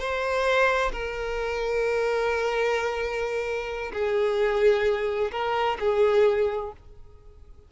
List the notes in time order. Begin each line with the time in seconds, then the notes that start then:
0.00 C5
0.93 A#4
3.93 G#4
5.32 A#4
5.80 G#4